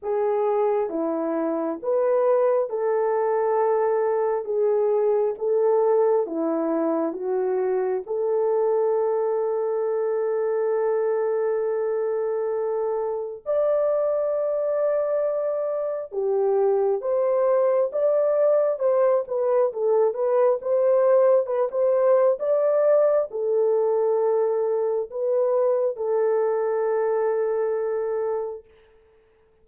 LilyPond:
\new Staff \with { instrumentName = "horn" } { \time 4/4 \tempo 4 = 67 gis'4 e'4 b'4 a'4~ | a'4 gis'4 a'4 e'4 | fis'4 a'2.~ | a'2. d''4~ |
d''2 g'4 c''4 | d''4 c''8 b'8 a'8 b'8 c''4 | b'16 c''8. d''4 a'2 | b'4 a'2. | }